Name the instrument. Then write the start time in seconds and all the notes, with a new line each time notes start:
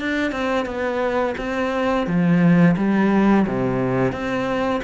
cello
0.00 D4
0.32 C4
0.66 B3
1.38 C4
2.07 F3
2.77 G3
3.48 C3
4.12 C4